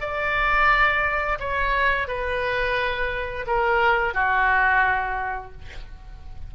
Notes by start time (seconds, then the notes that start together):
0.00 D5
1.39 C#5
2.08 B4
3.46 A#4
4.13 F#4